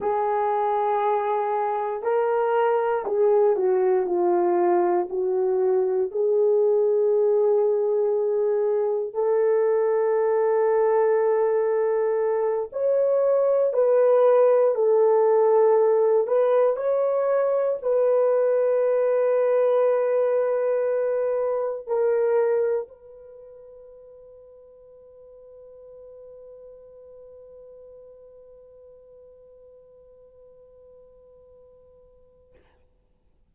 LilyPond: \new Staff \with { instrumentName = "horn" } { \time 4/4 \tempo 4 = 59 gis'2 ais'4 gis'8 fis'8 | f'4 fis'4 gis'2~ | gis'4 a'2.~ | a'8 cis''4 b'4 a'4. |
b'8 cis''4 b'2~ b'8~ | b'4. ais'4 b'4.~ | b'1~ | b'1 | }